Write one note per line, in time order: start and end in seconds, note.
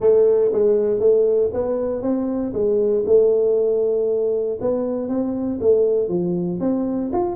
0.00 0.51 A3
0.52 0.99 G#3
0.99 1.50 A3
1.53 2.02 B3
2.02 2.52 C4
2.53 3.04 G#3
3.06 4.58 A3
4.60 5.08 B3
5.08 5.59 C4
5.60 6.08 A3
6.08 6.59 F3
6.59 7.10 C4
7.12 7.36 F4